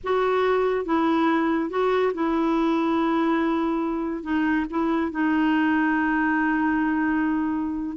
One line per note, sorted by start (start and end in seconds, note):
0.03 0.85 F#4
0.85 1.70 E4
1.70 2.12 F#4
2.14 4.23 E4
4.23 4.65 D#4
4.70 5.11 E4
5.11 7.97 D#4